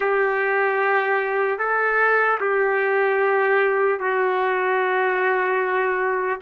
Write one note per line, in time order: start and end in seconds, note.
0.00 1.58 G4
1.58 2.38 A4
2.40 3.99 G4
3.99 6.39 F#4